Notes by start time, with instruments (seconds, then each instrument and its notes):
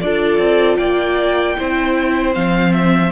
0.00 cello D4, viola F4, violin A4 D5
0.38 cello C4
0.77 cello A#3, violin D5 G5
1.57 cello C4, viola E4, violin C5
2.34 cello F3, viola C4, violin F5
2.73 violin E5